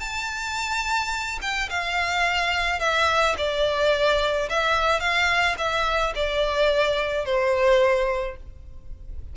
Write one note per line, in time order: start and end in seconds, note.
0.00 1.39 A5
1.41 1.69 G5
1.69 2.80 F5
2.80 3.35 E5
3.38 4.49 D5
4.49 5.00 E5
5.00 5.56 F5
5.58 6.13 E5
6.15 7.25 D5
7.25 8.36 C5